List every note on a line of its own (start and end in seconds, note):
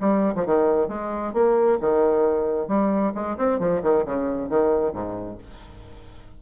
0.00 0.34 G3
0.35 0.46 F3
0.46 0.88 D#3
0.88 1.33 G#3
1.33 1.78 A#3
1.80 2.68 D#3
2.68 3.13 G3
3.14 3.37 G#3
3.37 3.59 C4
3.59 3.82 F3
3.82 4.05 D#3
4.05 4.49 C#3
4.49 4.93 D#3
4.93 5.38 G#2